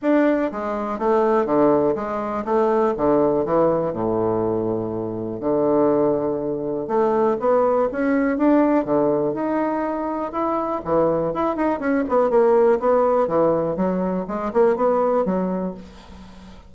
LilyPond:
\new Staff \with { instrumentName = "bassoon" } { \time 4/4 \tempo 4 = 122 d'4 gis4 a4 d4 | gis4 a4 d4 e4 | a,2. d4~ | d2 a4 b4 |
cis'4 d'4 d4 dis'4~ | dis'4 e'4 e4 e'8 dis'8 | cis'8 b8 ais4 b4 e4 | fis4 gis8 ais8 b4 fis4 | }